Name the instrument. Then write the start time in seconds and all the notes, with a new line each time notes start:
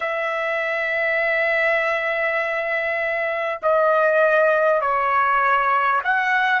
trumpet
0.00 E5
3.62 D#5
4.81 C#5
6.04 F#5